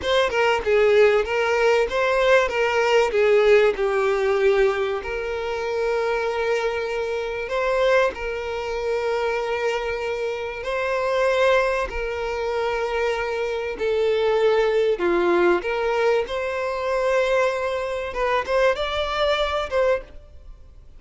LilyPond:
\new Staff \with { instrumentName = "violin" } { \time 4/4 \tempo 4 = 96 c''8 ais'8 gis'4 ais'4 c''4 | ais'4 gis'4 g'2 | ais'1 | c''4 ais'2.~ |
ais'4 c''2 ais'4~ | ais'2 a'2 | f'4 ais'4 c''2~ | c''4 b'8 c''8 d''4. c''8 | }